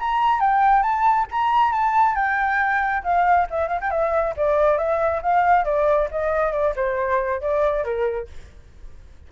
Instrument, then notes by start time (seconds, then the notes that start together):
flute
0.00 A#5
0.41 G5
0.83 A5
1.32 A#5
1.73 A5
2.16 G5
3.04 F5
3.51 E5
3.69 F5
3.81 G5
3.91 E5
4.37 D5
4.78 E5
5.23 F5
5.65 D5
6.12 D#5
6.53 D5
6.76 C5
7.42 D5
7.85 A#4